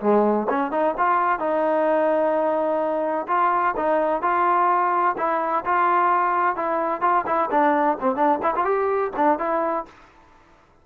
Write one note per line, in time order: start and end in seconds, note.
0.00 0.47 G#3
0.49 0.71 C#4
0.71 0.94 D#4
0.97 1.39 F4
1.39 3.27 D#4
3.27 3.74 F4
3.76 4.22 D#4
4.22 5.16 F4
5.17 5.64 E4
5.65 6.56 F4
6.56 7.01 E4
7.01 7.24 F4
7.26 7.50 E4
7.50 7.97 D4
8.00 8.15 C4
8.15 8.39 D4
8.42 8.54 E4
8.55 8.64 F4
8.64 9.11 G4
9.16 9.39 D4
9.39 9.85 E4